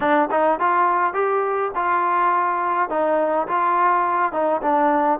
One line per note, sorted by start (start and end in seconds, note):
0.00 0.29 D4
0.30 0.59 D#4
0.59 1.13 F4
1.13 1.71 G4
1.75 2.89 F4
2.89 3.47 D#4
3.47 4.32 F4
4.32 4.61 D#4
4.62 5.19 D4